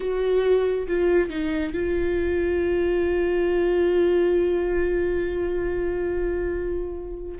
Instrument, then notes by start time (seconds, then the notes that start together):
viola
0.00 F#4
0.87 F4
1.29 D#4
1.73 F4